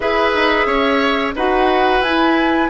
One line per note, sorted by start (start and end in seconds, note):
0.00 0.34 E4
0.00 1.34 G#4
0.00 0.67 B4
0.00 1.33 E5
0.35 0.66 D#4
0.66 1.33 C#4
0.66 1.34 C#5
1.35 2.00 D#4
1.35 2.04 F#4
1.35 2.69 B4
1.35 2.02 F#5
2.00 2.68 E4
2.00 2.69 E4
2.00 2.69 G#5